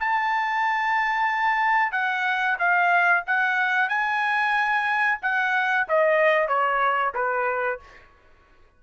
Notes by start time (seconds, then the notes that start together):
0.00 A5
1.92 F#5
2.58 F5
3.27 F#5
3.88 G#5
5.22 F#5
5.88 D#5
6.48 C#5
7.14 B4